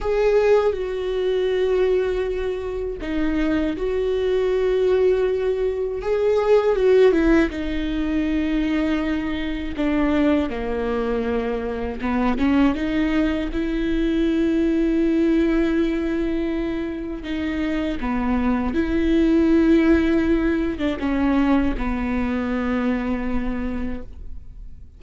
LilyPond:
\new Staff \with { instrumentName = "viola" } { \time 4/4 \tempo 4 = 80 gis'4 fis'2. | dis'4 fis'2. | gis'4 fis'8 e'8 dis'2~ | dis'4 d'4 ais2 |
b8 cis'8 dis'4 e'2~ | e'2. dis'4 | b4 e'2~ e'8. d'16 | cis'4 b2. | }